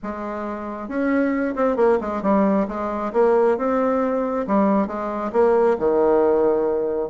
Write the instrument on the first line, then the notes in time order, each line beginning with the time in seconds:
bassoon
0.03 G#3
0.88 C#4
1.55 C4
1.76 A#3
2.00 G#3
2.22 G3
2.67 G#3
3.13 A#3
3.57 C4
4.47 G3
4.87 G#3
5.32 A#3
5.78 D#3